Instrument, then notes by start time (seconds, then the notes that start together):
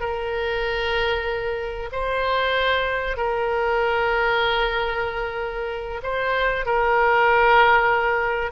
oboe
0.00 A#4
1.92 C5
3.17 A#4
6.03 C5
6.65 A#4